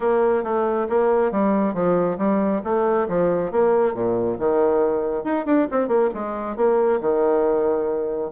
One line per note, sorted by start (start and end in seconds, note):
0.00 0.43 A#3
0.43 0.87 A3
0.89 1.31 A#3
1.31 1.74 G3
1.74 2.17 F3
2.17 2.61 G3
2.63 3.07 A3
3.08 3.51 F3
3.51 3.94 A#3
3.94 4.37 A#2
4.39 5.24 D#3
5.24 5.45 D#4
5.45 5.67 D4
5.71 5.87 C4
5.87 6.09 A#3
6.13 6.56 G#3
6.56 7.00 A#3
7.01 8.31 D#3